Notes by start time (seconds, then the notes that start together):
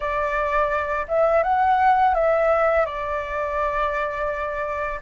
0.00 D5
1.07 E5
1.43 F#5
2.14 E5
2.85 D5